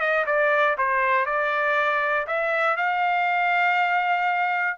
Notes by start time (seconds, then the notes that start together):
0.00 D#5
0.27 D5
0.78 C5
1.26 D5
2.27 E5
2.77 F5